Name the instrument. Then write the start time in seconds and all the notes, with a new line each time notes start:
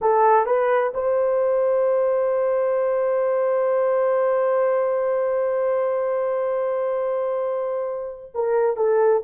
horn
0.01 A4
0.46 B4
0.94 C5
8.34 A#4
8.76 A4